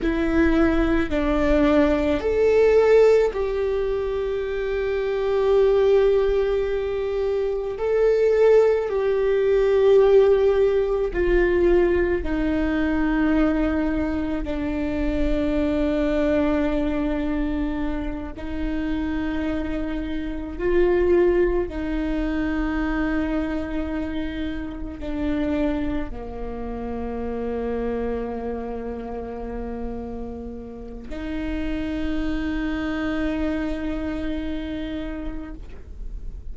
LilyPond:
\new Staff \with { instrumentName = "viola" } { \time 4/4 \tempo 4 = 54 e'4 d'4 a'4 g'4~ | g'2. a'4 | g'2 f'4 dis'4~ | dis'4 d'2.~ |
d'8 dis'2 f'4 dis'8~ | dis'2~ dis'8 d'4 ais8~ | ais1 | dis'1 | }